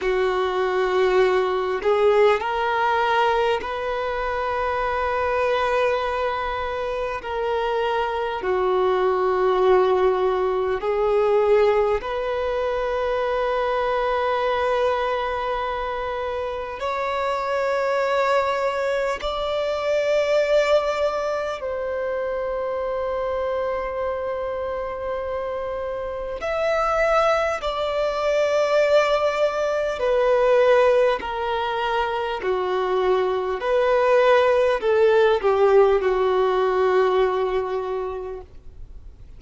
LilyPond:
\new Staff \with { instrumentName = "violin" } { \time 4/4 \tempo 4 = 50 fis'4. gis'8 ais'4 b'4~ | b'2 ais'4 fis'4~ | fis'4 gis'4 b'2~ | b'2 cis''2 |
d''2 c''2~ | c''2 e''4 d''4~ | d''4 b'4 ais'4 fis'4 | b'4 a'8 g'8 fis'2 | }